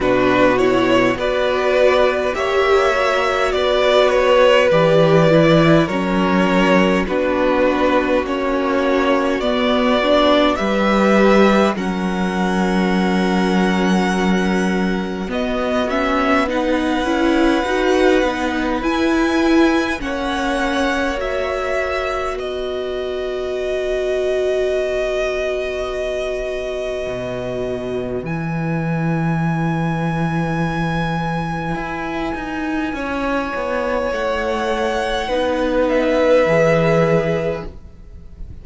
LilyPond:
<<
  \new Staff \with { instrumentName = "violin" } { \time 4/4 \tempo 4 = 51 b'8 cis''8 d''4 e''4 d''8 cis''8 | d''4 cis''4 b'4 cis''4 | d''4 e''4 fis''2~ | fis''4 dis''8 e''8 fis''2 |
gis''4 fis''4 e''4 dis''4~ | dis''1 | gis''1~ | gis''4 fis''4. e''4. | }
  \new Staff \with { instrumentName = "violin" } { \time 4/4 fis'4 b'4 cis''4 b'4~ | b'4 ais'4 fis'2~ | fis'4 b'4 ais'2~ | ais'4 fis'4 b'2~ |
b'4 cis''2 b'4~ | b'1~ | b'1 | cis''2 b'2 | }
  \new Staff \with { instrumentName = "viola" } { \time 4/4 d'8 e'8 fis'4 g'8 fis'4. | g'8 e'8 cis'4 d'4 cis'4 | b8 d'8 g'4 cis'2~ | cis'4 b8 cis'8 dis'8 e'8 fis'8 dis'8 |
e'4 cis'4 fis'2~ | fis'1 | e'1~ | e'2 dis'4 gis'4 | }
  \new Staff \with { instrumentName = "cello" } { \time 4/4 b,4 b4 ais4 b4 | e4 fis4 b4 ais4 | b4 g4 fis2~ | fis4 b4. cis'8 dis'8 b8 |
e'4 ais2 b4~ | b2. b,4 | e2. e'8 dis'8 | cis'8 b8 a4 b4 e4 | }
>>